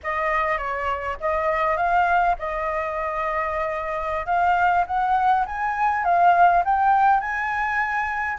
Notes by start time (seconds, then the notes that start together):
0.03 D#5
0.57 C#5
1.20 D#5
1.76 F5
2.38 D#5
4.26 F5
4.86 F#5
5.45 G#5
6.04 F5
6.64 G5
7.20 G#5